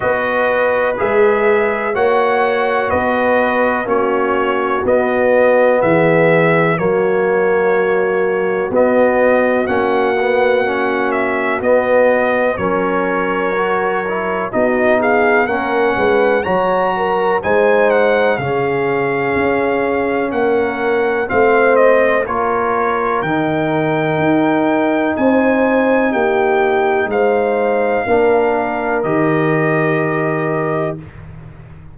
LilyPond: <<
  \new Staff \with { instrumentName = "trumpet" } { \time 4/4 \tempo 4 = 62 dis''4 e''4 fis''4 dis''4 | cis''4 dis''4 e''4 cis''4~ | cis''4 dis''4 fis''4. e''8 | dis''4 cis''2 dis''8 f''8 |
fis''4 ais''4 gis''8 fis''8 f''4~ | f''4 fis''4 f''8 dis''8 cis''4 | g''2 gis''4 g''4 | f''2 dis''2 | }
  \new Staff \with { instrumentName = "horn" } { \time 4/4 b'2 cis''4 b'4 | fis'2 gis'4 fis'4~ | fis'1~ | fis'4 ais'2 fis'8 gis'8 |
ais'8 b'8 cis''8 ais'8 c''4 gis'4~ | gis'4 ais'4 c''4 ais'4~ | ais'2 c''4 g'4 | c''4 ais'2. | }
  \new Staff \with { instrumentName = "trombone" } { \time 4/4 fis'4 gis'4 fis'2 | cis'4 b2 ais4~ | ais4 b4 cis'8 b8 cis'4 | b4 cis'4 fis'8 e'8 dis'4 |
cis'4 fis'4 dis'4 cis'4~ | cis'2 c'4 f'4 | dis'1~ | dis'4 d'4 g'2 | }
  \new Staff \with { instrumentName = "tuba" } { \time 4/4 b4 gis4 ais4 b4 | ais4 b4 e4 fis4~ | fis4 b4 ais2 | b4 fis2 b4 |
ais8 gis8 fis4 gis4 cis4 | cis'4 ais4 a4 ais4 | dis4 dis'4 c'4 ais4 | gis4 ais4 dis2 | }
>>